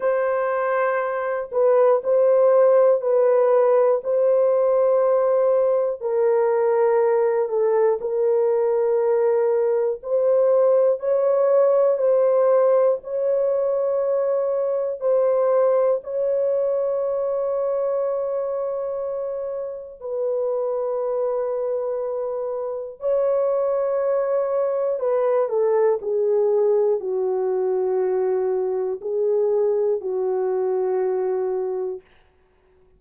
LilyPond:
\new Staff \with { instrumentName = "horn" } { \time 4/4 \tempo 4 = 60 c''4. b'8 c''4 b'4 | c''2 ais'4. a'8 | ais'2 c''4 cis''4 | c''4 cis''2 c''4 |
cis''1 | b'2. cis''4~ | cis''4 b'8 a'8 gis'4 fis'4~ | fis'4 gis'4 fis'2 | }